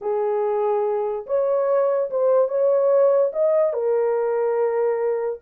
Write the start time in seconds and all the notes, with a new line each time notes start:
0.01 G#4
1.26 C#5
2.10 C5
2.48 C#5
3.32 D#5
3.73 A#4